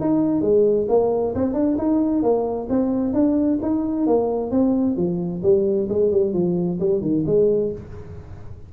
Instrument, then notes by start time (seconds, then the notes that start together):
tuba
0.00 D#4
0.41 G#3
0.88 A#3
1.35 C4
1.53 D4
1.77 D#4
2.22 A#3
2.69 C4
3.13 D4
3.62 D#4
4.06 A#3
4.51 C4
4.96 F3
5.42 G3
5.89 G#3
6.11 G3
6.33 F3
6.79 G3
7.01 D#3
7.26 G#3